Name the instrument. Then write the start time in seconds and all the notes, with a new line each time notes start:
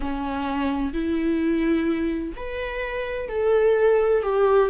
viola
0.00 C#4
0.93 E4
2.36 B4
3.29 A4
4.22 G4